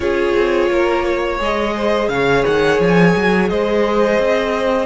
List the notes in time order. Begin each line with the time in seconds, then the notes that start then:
0.00 C#4 F4 G#4 C#5
0.35 C4
0.70 A#3 A#4
1.05 C#5
1.38 G#3 G#4 D#5
1.75 C5
2.08 C#3 C#5 F5
2.45 D#3 F#5
2.80 F3 G#5
3.15 F#3
3.49 G#3 C5 D#5
4.19 C4